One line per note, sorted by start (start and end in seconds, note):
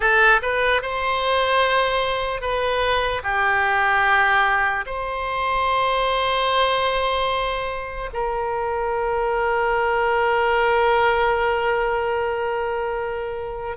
0.00 0.40 A4
0.42 0.81 B4
0.81 2.41 C5
2.41 3.22 B4
3.23 4.85 G4
4.85 8.10 C5
8.13 13.77 A#4